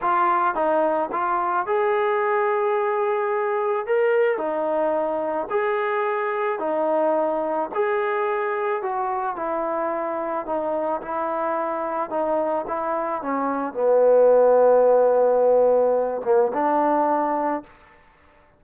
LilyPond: \new Staff \with { instrumentName = "trombone" } { \time 4/4 \tempo 4 = 109 f'4 dis'4 f'4 gis'4~ | gis'2. ais'4 | dis'2 gis'2 | dis'2 gis'2 |
fis'4 e'2 dis'4 | e'2 dis'4 e'4 | cis'4 b2.~ | b4. ais8 d'2 | }